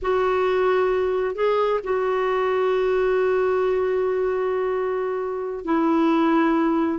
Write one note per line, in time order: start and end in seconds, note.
0.01 1.35 F#4
1.35 1.80 G#4
1.83 5.65 F#4
5.65 6.98 E4